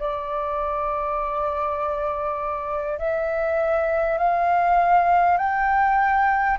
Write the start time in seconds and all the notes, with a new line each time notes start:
0.00 D5
2.99 E5
4.18 F5
5.38 G5